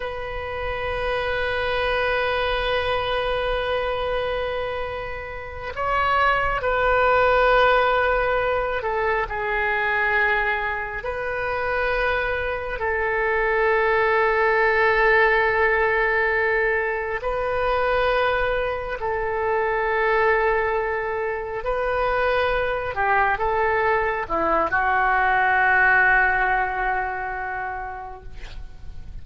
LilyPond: \new Staff \with { instrumentName = "oboe" } { \time 4/4 \tempo 4 = 68 b'1~ | b'2~ b'8 cis''4 b'8~ | b'2 a'8 gis'4.~ | gis'8 b'2 a'4.~ |
a'2.~ a'8 b'8~ | b'4. a'2~ a'8~ | a'8 b'4. g'8 a'4 e'8 | fis'1 | }